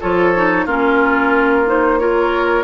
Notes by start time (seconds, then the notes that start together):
0.00 F3 F4 A4 C#5
0.35 D#4
0.65 A#3 C#4 F4 A#4
1.66 D#4 C5
1.98 F4 A#4 C#5